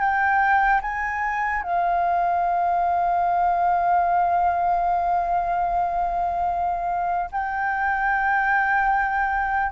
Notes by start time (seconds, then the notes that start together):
0.00 G5
0.82 G#5
1.63 F5
7.32 G5